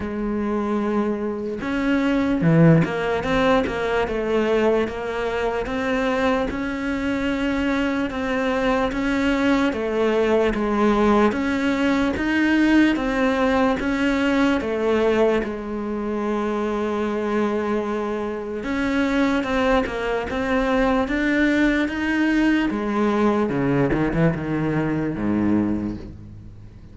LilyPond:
\new Staff \with { instrumentName = "cello" } { \time 4/4 \tempo 4 = 74 gis2 cis'4 e8 ais8 | c'8 ais8 a4 ais4 c'4 | cis'2 c'4 cis'4 | a4 gis4 cis'4 dis'4 |
c'4 cis'4 a4 gis4~ | gis2. cis'4 | c'8 ais8 c'4 d'4 dis'4 | gis4 cis8 dis16 e16 dis4 gis,4 | }